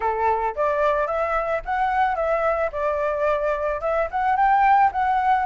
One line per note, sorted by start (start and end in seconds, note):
0.00 0.55 A4
0.55 1.07 D5
1.07 1.61 E5
1.65 2.15 F#5
2.15 2.70 E5
2.71 3.81 D5
3.81 4.08 E5
4.11 4.36 F#5
4.36 4.91 G5
4.91 5.45 F#5